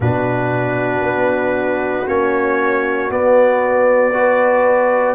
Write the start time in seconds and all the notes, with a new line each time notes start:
0.00 B2 D4 F#4 B4
1.01 B3
2.06 A#3 C#4 C#5
3.10 B3 D5
4.13 F#4 B4